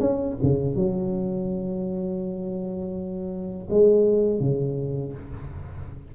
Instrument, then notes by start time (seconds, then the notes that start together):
tuba
0.00 C#4
0.43 C#3
0.75 F#3
3.70 G#3
4.40 C#3